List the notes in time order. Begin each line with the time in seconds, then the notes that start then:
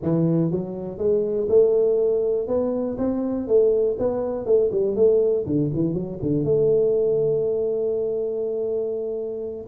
0.02 E3
0.51 F#3
0.98 G#3
1.49 A3
2.47 B3
2.98 C4
3.47 A3
3.98 B3
4.45 A3
4.71 G3
4.95 A3
5.45 D3
5.74 E3
5.93 F#3
6.22 D3
6.43 A3